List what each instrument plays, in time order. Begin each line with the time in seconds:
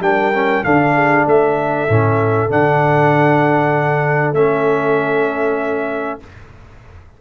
0.00 tuba G3, trombone D4, horn A#4, trumpet G5
0.35 trombone C#4
0.64 tuba D3, trombone D4, horn A4, trumpet F5
0.96 horn G#4
1.26 tuba A3, horn A4, trumpet E5
1.89 tuba A2, trombone C#4
2.49 tuba D3, trombone D4, trumpet F#5
4.33 tuba A3, trombone C#4, trumpet E5